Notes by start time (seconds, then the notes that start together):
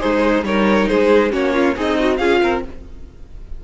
0.00 G#3 D#4 G#4 C5
0.43 G3 D#4 A#4 C#5
0.88 G#3 G#4 C5
1.30 A#3 C#4 F#4 C#5
1.53 F4
1.76 C4 D#4 G#4 D#5
1.99 F#4
2.17 C#4 F4 G#4 F5
2.42 C4 A#4